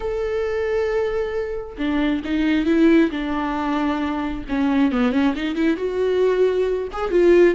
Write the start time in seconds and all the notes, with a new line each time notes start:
0.00 A4
1.78 D4
2.24 D#4
2.66 E4
3.11 D4
4.48 C#4
4.92 B3
5.12 C#4
5.35 D#4
5.55 E4
5.76 F#4
6.92 G#4
7.11 F4